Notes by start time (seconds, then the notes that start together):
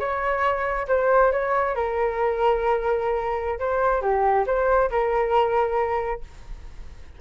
0.00 C#5
0.89 C5
1.32 C#5
1.75 A#4
3.59 C5
4.02 G4
4.47 C5
4.91 A#4